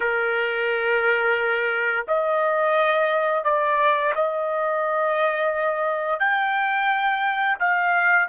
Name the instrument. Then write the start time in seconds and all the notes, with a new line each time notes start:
trumpet
0.00 A#4
2.07 D#5
3.44 D5
4.15 D#5
6.19 G5
7.59 F5